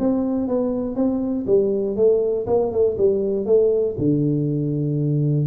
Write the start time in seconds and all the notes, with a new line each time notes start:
0.00 C4
0.48 B3
0.96 C4
1.47 G3
1.96 A3
2.47 A#3
2.72 A3
2.98 G3
3.46 A3
3.99 D3